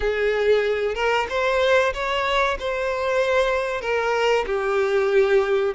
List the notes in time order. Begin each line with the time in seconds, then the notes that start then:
0.00 G#4
0.94 A#4
1.29 C5
1.93 C#5
2.59 C5
3.81 A#4
4.46 G4